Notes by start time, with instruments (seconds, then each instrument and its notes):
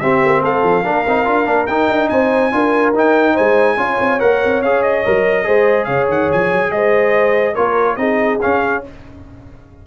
0.00 tuba C4, trombone C4, horn G4, trumpet E5
0.25 tuba A#3
0.42 tuba A3, horn A4, trumpet F5
0.63 tuba F3
0.84 tuba A#3, trombone D4, horn A#4
1.07 tuba C4, trombone D#4
1.25 tuba D4, trombone F4
1.45 tuba A#3, trombone D4
1.67 tuba D#4, trombone D#4, trumpet G5
1.89 tuba D4
2.09 tuba C4, horn C5, trumpet G#5
2.52 tuba D4, trombone F4, horn A#4
2.94 tuba D#4, trombone D#4, trumpet G5
3.34 tuba G#3, horn C5, trumpet G#5
3.77 tuba C#4, trombone F4, horn C#5
4.00 tuba C4
4.20 tuba A#3, trombone A#4, trumpet F#5
4.45 tuba C4
4.62 tuba C#4, trombone G#4, trumpet F5
4.83 trumpet D#5
5.05 tuba F#3, trombone A#4
5.44 tuba G#3, trombone G#4, horn C5
5.85 tuba C#3, horn C#5, trumpet F5
6.08 tuba D#3, trumpet F#5
6.32 tuba F3, trumpet G#5
6.53 tuba F#3
6.71 tuba G#3, horn C5, trumpet D#5
7.54 tuba A#3, trombone F4, horn A#4, trumpet C#5
7.96 tuba C4, trombone D#4, horn G#4, trumpet D#5
8.42 trombone C#4, tuba C#4, trumpet F5